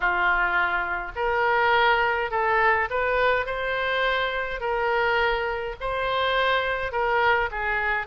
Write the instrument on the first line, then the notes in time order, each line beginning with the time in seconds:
oboe
0.00 F4
1.15 A#4
2.31 A4
2.90 B4
3.46 C5
4.60 A#4
5.80 C5
6.92 A#4
7.51 G#4